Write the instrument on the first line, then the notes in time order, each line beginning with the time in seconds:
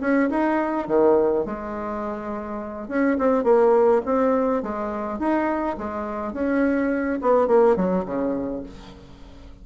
bassoon
0.00 C#4
0.29 D#4
0.87 D#3
1.45 G#3
2.88 C#4
3.18 C4
3.44 A#3
4.05 C4
4.62 G#3
5.19 D#4
5.77 G#3
6.33 C#4
7.21 B3
7.47 A#3
7.76 F#3
8.05 C#3